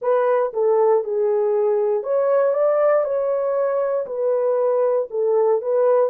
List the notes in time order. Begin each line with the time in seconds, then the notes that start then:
0.01 B4
0.53 A4
1.04 G#4
2.03 C#5
2.53 D5
3.04 C#5
4.06 B4
5.10 A4
5.61 B4